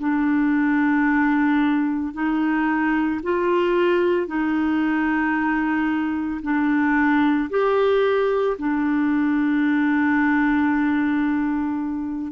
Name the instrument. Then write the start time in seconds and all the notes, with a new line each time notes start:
clarinet
0.00 D4
2.14 D#4
3.23 F4
4.27 D#4
6.42 D4
7.50 G4
8.59 D4